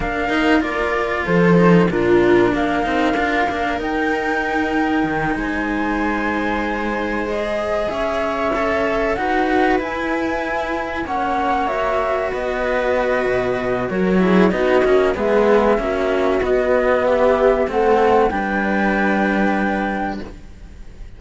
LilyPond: <<
  \new Staff \with { instrumentName = "flute" } { \time 4/4 \tempo 4 = 95 f''4 d''4 c''4 ais'4 | f''2 g''2~ | g''8 gis''2. dis''8~ | dis''8 e''2 fis''4 gis''8~ |
gis''4. fis''4 e''4 dis''8~ | dis''2 cis''4 dis''4 | e''2 dis''4 e''4 | fis''4 g''2. | }
  \new Staff \with { instrumentName = "viola" } { \time 4/4 ais'2 a'4 f'4 | ais'1~ | ais'8 c''2.~ c''8~ | c''8 cis''2 b'4.~ |
b'4. cis''2 b'8~ | b'2 ais'8 gis'8 fis'4 | gis'4 fis'2 g'4 | a'4 b'2. | }
  \new Staff \with { instrumentName = "cello" } { \time 4/4 d'8 dis'8 f'4. dis'8 d'4~ | d'8 dis'8 f'8 d'8 dis'2~ | dis'2.~ dis'8 gis'8~ | gis'4. a'4 fis'4 e'8~ |
e'4. cis'4 fis'4.~ | fis'2~ fis'8 e'8 dis'8 cis'8 | b4 cis'4 b2 | c'4 d'2. | }
  \new Staff \with { instrumentName = "cello" } { \time 4/4 ais2 f4 ais,4 | ais8 c'8 d'8 ais8 dis'2 | dis8 gis2.~ gis8~ | gis8 cis'2 dis'4 e'8~ |
e'4. ais2 b8~ | b4 b,4 fis4 b8 ais8 | gis4 ais4 b2 | a4 g2. | }
>>